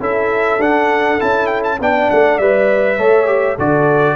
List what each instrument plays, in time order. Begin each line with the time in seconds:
0.00 tuba C#4, trombone E4, horn A4, trumpet E5
0.59 tuba D4, trombone D4, trumpet F#5
1.19 tuba C#4, trombone E4, trumpet A5
1.46 trumpet G5
1.64 trumpet A5
1.80 tuba B3, trombone D4, horn D5, trumpet G5
2.10 tuba A3, trumpet F#5
2.38 tuba G3, trombone B4, trumpet E5
2.97 tuba A3, trombone A4, horn C#5
3.26 trombone G4
3.55 tuba D3, trombone F#4, horn A4, trumpet D5